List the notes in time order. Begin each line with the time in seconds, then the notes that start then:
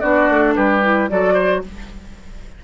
0.00 B3 D4 F#4 D5
0.30 A3
0.55 G3 G4 B4
0.83 E4
1.09 F#3 F#4 A4 D5
1.34 C5